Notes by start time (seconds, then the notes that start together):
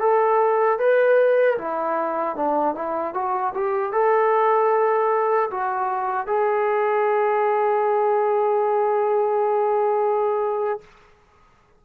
0.00 A4
0.79 B4
1.58 E4
2.36 D4
2.75 E4
3.14 F#4
3.54 G4
3.92 A4
5.51 F#4
6.27 G#4